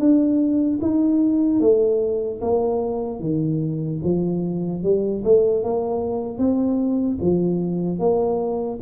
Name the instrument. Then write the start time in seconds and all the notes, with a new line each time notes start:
tuba
0.00 D4
0.82 D#4
1.61 A3
2.41 A#3
3.20 D#3
4.04 F3
4.84 G3
5.24 A3
5.64 A#3
6.39 C4
7.21 F3
8.00 A#3